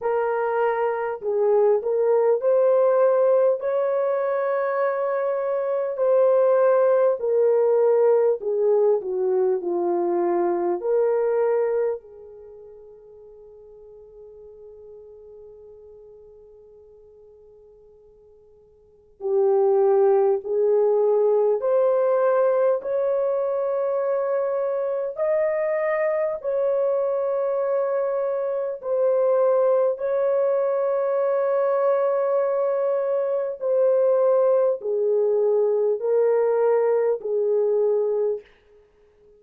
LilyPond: \new Staff \with { instrumentName = "horn" } { \time 4/4 \tempo 4 = 50 ais'4 gis'8 ais'8 c''4 cis''4~ | cis''4 c''4 ais'4 gis'8 fis'8 | f'4 ais'4 gis'2~ | gis'1 |
g'4 gis'4 c''4 cis''4~ | cis''4 dis''4 cis''2 | c''4 cis''2. | c''4 gis'4 ais'4 gis'4 | }